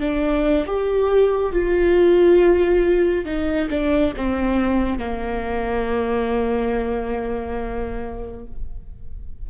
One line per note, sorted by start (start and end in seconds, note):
0.00 0.65 D4
0.66 1.53 G4
1.53 3.25 F4
3.25 3.69 D#4
3.70 4.13 D4
4.17 4.98 C4
4.98 8.46 A#3